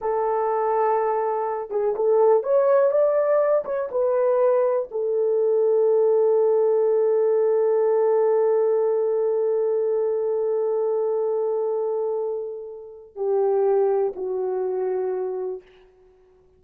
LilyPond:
\new Staff \with { instrumentName = "horn" } { \time 4/4 \tempo 4 = 123 a'2.~ a'8 gis'8 | a'4 cis''4 d''4. cis''8 | b'2 a'2~ | a'1~ |
a'1~ | a'1~ | a'2. g'4~ | g'4 fis'2. | }